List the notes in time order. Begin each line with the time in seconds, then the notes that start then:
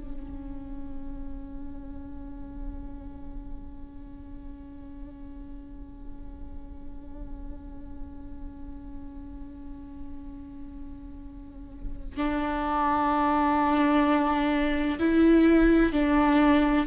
0.00 C#4
12.17 D4
14.99 E4
15.93 D4